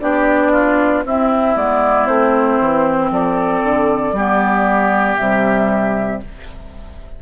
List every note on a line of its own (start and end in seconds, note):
0.00 1.04 B3
0.00 1.04 D4
0.00 0.52 G4
0.00 1.03 D5
0.52 1.03 F4
1.04 1.56 C4
1.04 3.12 E4
1.04 1.57 E5
1.56 2.07 G#3
1.56 2.07 B3
1.56 2.06 D5
2.06 2.59 A3
2.06 4.14 C4
2.06 3.10 C5
2.60 3.11 E3
3.11 3.62 F3
3.11 4.15 A4
3.11 5.16 D5
3.63 4.12 D3
4.12 5.16 G3
4.12 5.18 B3
4.12 6.22 G4
5.16 6.22 C3
5.16 6.22 G3
5.16 6.19 E5